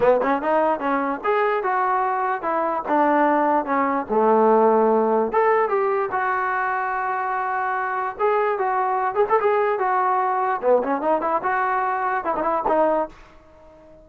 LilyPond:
\new Staff \with { instrumentName = "trombone" } { \time 4/4 \tempo 4 = 147 b8 cis'8 dis'4 cis'4 gis'4 | fis'2 e'4 d'4~ | d'4 cis'4 a2~ | a4 a'4 g'4 fis'4~ |
fis'1 | gis'4 fis'4. gis'16 a'16 gis'4 | fis'2 b8 cis'8 dis'8 e'8 | fis'2 e'16 dis'16 e'8 dis'4 | }